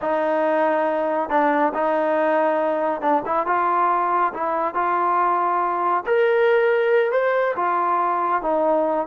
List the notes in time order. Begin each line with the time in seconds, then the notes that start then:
0.01 D#4
1.29 D4
1.73 D#4
3.01 D4
3.25 E4
3.46 F4
4.33 E4
4.74 F4
6.06 A#4
7.11 C5
7.56 F4
8.42 D#4